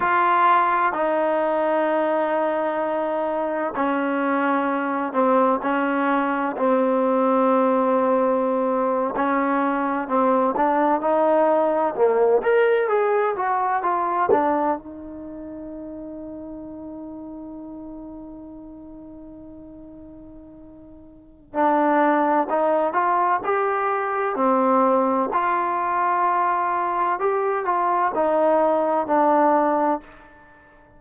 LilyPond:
\new Staff \with { instrumentName = "trombone" } { \time 4/4 \tempo 4 = 64 f'4 dis'2. | cis'4. c'8 cis'4 c'4~ | c'4.~ c'16 cis'4 c'8 d'8 dis'16~ | dis'8. ais8 ais'8 gis'8 fis'8 f'8 d'8 dis'16~ |
dis'1~ | dis'2. d'4 | dis'8 f'8 g'4 c'4 f'4~ | f'4 g'8 f'8 dis'4 d'4 | }